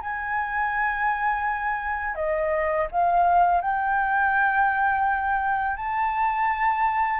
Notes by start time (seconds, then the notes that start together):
0.00 G#5
2.15 D#5
2.91 F5
3.61 G5
5.76 A5